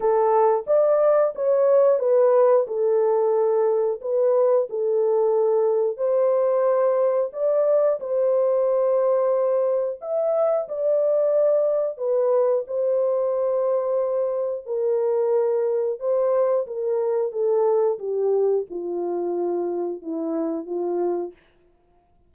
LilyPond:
\new Staff \with { instrumentName = "horn" } { \time 4/4 \tempo 4 = 90 a'4 d''4 cis''4 b'4 | a'2 b'4 a'4~ | a'4 c''2 d''4 | c''2. e''4 |
d''2 b'4 c''4~ | c''2 ais'2 | c''4 ais'4 a'4 g'4 | f'2 e'4 f'4 | }